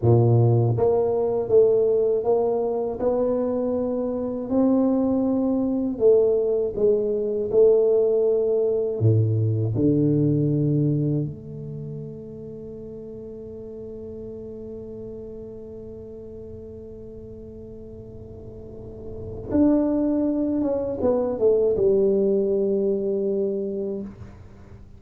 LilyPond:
\new Staff \with { instrumentName = "tuba" } { \time 4/4 \tempo 4 = 80 ais,4 ais4 a4 ais4 | b2 c'2 | a4 gis4 a2 | a,4 d2 a4~ |
a1~ | a1~ | a2 d'4. cis'8 | b8 a8 g2. | }